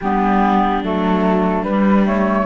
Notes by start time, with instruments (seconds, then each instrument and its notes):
0.00 cello G3, clarinet B3, viola D4, flute G4
0.83 cello F#3, clarinet A3, flute A4
1.62 cello G3, clarinet G3, flute B4
2.05 clarinet A3, flute C#5